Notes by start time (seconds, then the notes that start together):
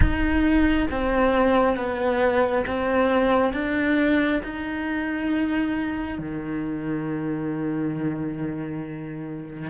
0.00 D#4
0.91 C4
1.76 B3
2.67 C4
3.53 D4
4.43 D#4
6.18 D#3